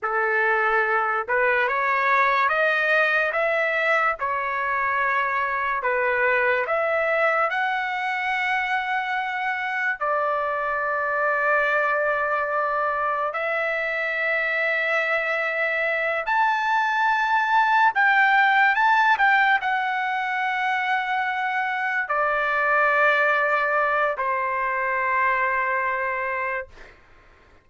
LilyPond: \new Staff \with { instrumentName = "trumpet" } { \time 4/4 \tempo 4 = 72 a'4. b'8 cis''4 dis''4 | e''4 cis''2 b'4 | e''4 fis''2. | d''1 |
e''2.~ e''8 a''8~ | a''4. g''4 a''8 g''8 fis''8~ | fis''2~ fis''8 d''4.~ | d''4 c''2. | }